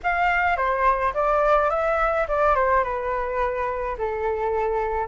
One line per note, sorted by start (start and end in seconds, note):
0.03 0.56 F5
0.56 1.13 C5
1.13 1.70 D5
1.70 2.26 E5
2.27 2.55 D5
2.55 2.83 C5
2.83 3.96 B4
3.98 5.07 A4